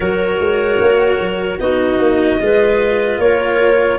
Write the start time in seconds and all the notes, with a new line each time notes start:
0.00 F#3 F#4 A#4 C#5
0.40 G#3
0.81 A#3
1.19 F#3
1.59 B3 D#4 F#4 D#5
1.98 A#3
2.40 G#3 F4 B4
3.18 A#3 A#4 C#5